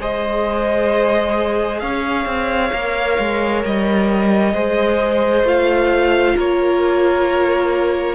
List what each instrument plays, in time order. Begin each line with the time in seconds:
0.00 cello G#3, viola G#4, violin C5 D#5
1.80 cello C#4, violin C#5 F5
2.25 cello C4
2.72 cello A#3, viola A#4
3.19 cello G#3
3.65 cello G3, violin D#5
4.54 cello G#3, viola G#4, violin C5
5.43 cello A3, viola F4, violin F5
6.36 cello A#3, violin A#4 C#5